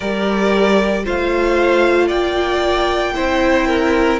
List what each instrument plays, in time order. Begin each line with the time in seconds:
0.00 cello G3, viola G4, violin A#4 D5
1.04 cello A3, viola F4, violin C5 F5
2.07 cello A#3, violin D5 G5
3.14 cello C4, viola E4, violin C5
3.66 violin A#4